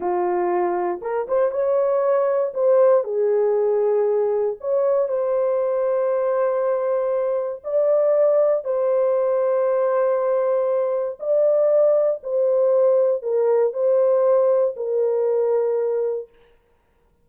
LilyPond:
\new Staff \with { instrumentName = "horn" } { \time 4/4 \tempo 4 = 118 f'2 ais'8 c''8 cis''4~ | cis''4 c''4 gis'2~ | gis'4 cis''4 c''2~ | c''2. d''4~ |
d''4 c''2.~ | c''2 d''2 | c''2 ais'4 c''4~ | c''4 ais'2. | }